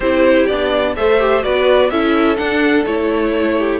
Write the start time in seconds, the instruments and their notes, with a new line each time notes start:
0.00 cello C4, viola E4, violin G4 C5
0.46 cello B3, viola D4, violin D5
0.96 cello A3, viola A4, violin C5 E5
1.19 viola G4
1.42 cello B3, viola F#4, violin B4 D5
1.90 cello C#4, viola E4, violin A4 E5
2.36 viola D4, cello D4, violin F#5
2.85 cello A3, viola E4, violin C#5
3.57 violin G4